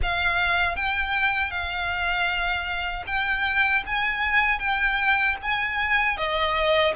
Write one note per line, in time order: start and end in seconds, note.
0.02 0.76 F5
0.76 1.50 G5
1.50 3.04 F5
3.06 3.83 G5
3.86 4.59 G#5
4.59 5.36 G5
5.42 6.17 G#5
6.17 6.94 D#5